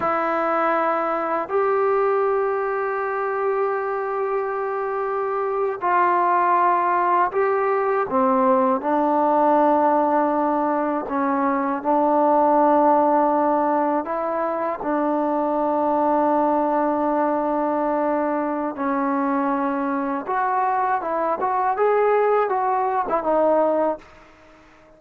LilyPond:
\new Staff \with { instrumentName = "trombone" } { \time 4/4 \tempo 4 = 80 e'2 g'2~ | g'2.~ g'8. f'16~ | f'4.~ f'16 g'4 c'4 d'16~ | d'2~ d'8. cis'4 d'16~ |
d'2~ d'8. e'4 d'16~ | d'1~ | d'4 cis'2 fis'4 | e'8 fis'8 gis'4 fis'8. e'16 dis'4 | }